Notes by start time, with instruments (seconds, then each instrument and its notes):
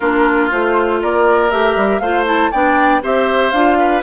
0.00 bassoon A#3, clarinet D4, oboe F4, flute A#4
0.51 bassoon A3, clarinet F4, flute C5
1.01 bassoon A#3, oboe A#4, flute D5
1.50 bassoon A3, clarinet G4, flute E5
1.76 bassoon G3
1.99 bassoon A3, clarinet F4, oboe C5, flute F5
2.25 clarinet E4, flute A5
2.51 bassoon B3, clarinet D4, oboe D5, flute G5
3.02 bassoon C4, clarinet G4, oboe C5, flute E5
3.51 bassoon D4, clarinet F4, flute F5
3.79 oboe B4